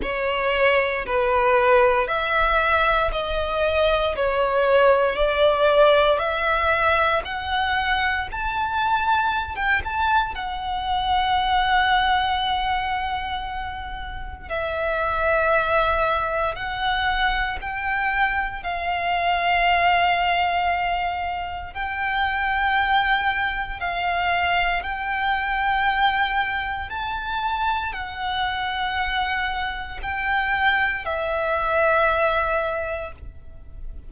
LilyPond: \new Staff \with { instrumentName = "violin" } { \time 4/4 \tempo 4 = 58 cis''4 b'4 e''4 dis''4 | cis''4 d''4 e''4 fis''4 | a''4~ a''16 g''16 a''8 fis''2~ | fis''2 e''2 |
fis''4 g''4 f''2~ | f''4 g''2 f''4 | g''2 a''4 fis''4~ | fis''4 g''4 e''2 | }